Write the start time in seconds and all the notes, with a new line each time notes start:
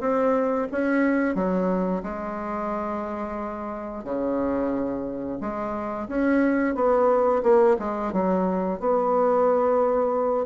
0.00 C4
0.72 C#4
1.35 F#3
2.03 G#3
4.04 C#3
5.41 G#3
6.08 C#4
6.75 B3
7.43 A#3
7.79 G#3
8.13 F#3
8.79 B3